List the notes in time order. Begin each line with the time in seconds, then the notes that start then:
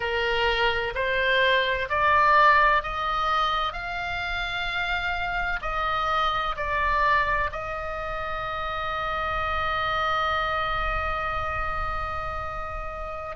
0.00 A#4
0.95 C5
1.89 D5
2.82 D#5
3.72 F5
5.61 D#5
6.56 D5
7.52 D#5